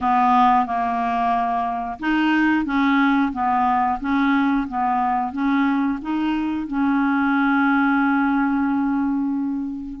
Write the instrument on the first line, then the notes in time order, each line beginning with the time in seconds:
clarinet
0.01 B3
0.65 A#3
1.99 D#4
2.65 C#4
3.32 B3
4.00 C#4
4.68 B3
5.32 C#4
6.02 D#4
6.67 C#4